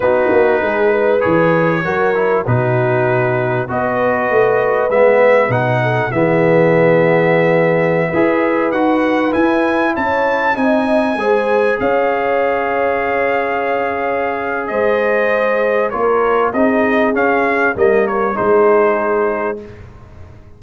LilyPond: <<
  \new Staff \with { instrumentName = "trumpet" } { \time 4/4 \tempo 4 = 98 b'2 cis''2 | b'2 dis''2 | e''4 fis''4 e''2~ | e''2~ e''16 fis''4 gis''8.~ |
gis''16 a''4 gis''2 f''8.~ | f''1 | dis''2 cis''4 dis''4 | f''4 dis''8 cis''8 c''2 | }
  \new Staff \with { instrumentName = "horn" } { \time 4/4 fis'4 gis'8 b'4. ais'4 | fis'2 b'2~ | b'4. a'8 gis'2~ | gis'4~ gis'16 b'2~ b'8.~ |
b'16 cis''4 dis''4 c''4 cis''8.~ | cis''1 | c''2 ais'4 gis'4~ | gis'4 ais'4 gis'2 | }
  \new Staff \with { instrumentName = "trombone" } { \time 4/4 dis'2 gis'4 fis'8 e'8 | dis'2 fis'2 | b4 dis'4 b2~ | b4~ b16 gis'4 fis'4 e'8.~ |
e'4~ e'16 dis'4 gis'4.~ gis'16~ | gis'1~ | gis'2 f'4 dis'4 | cis'4 ais4 dis'2 | }
  \new Staff \with { instrumentName = "tuba" } { \time 4/4 b8 ais8 gis4 e4 fis4 | b,2 b4 a4 | gis4 b,4 e2~ | e4~ e16 e'4 dis'4 e'8.~ |
e'16 cis'4 c'4 gis4 cis'8.~ | cis'1 | gis2 ais4 c'4 | cis'4 g4 gis2 | }
>>